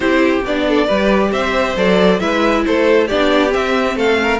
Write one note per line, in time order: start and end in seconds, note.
0.00 0.40 C4
0.00 0.44 E4
0.00 0.63 G4
0.00 0.43 C5
0.45 0.89 B3
0.45 0.87 D4
0.45 1.32 D5
0.68 0.86 A4
0.86 1.32 G3
0.86 1.76 G4
0.86 1.30 B4
1.32 1.76 C4
1.32 2.20 C5
1.32 1.76 E5
1.76 2.20 F#3
1.76 2.20 A4
1.76 2.19 D5
2.19 2.65 G#3
2.19 3.08 E4
2.19 2.65 B4
2.19 2.63 E5
2.66 3.10 A3
2.66 3.07 A4
2.66 3.07 C5
3.07 3.54 B3
3.07 3.49 D4
3.07 3.95 G4
3.07 3.51 D5
3.49 4.37 C4
3.49 3.95 C4
3.49 3.97 E5
3.95 4.39 A3
3.95 4.18 A4
3.95 4.39 F5
4.22 4.39 A#4